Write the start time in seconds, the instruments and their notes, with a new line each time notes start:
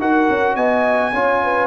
0.00 tuba D#4, trombone F#4, horn A#4, trumpet F#5
0.30 tuba C#4
0.56 tuba B3, horn D#5, trumpet G#5
1.13 tuba C#4, trombone F4, horn C#5
1.43 horn B4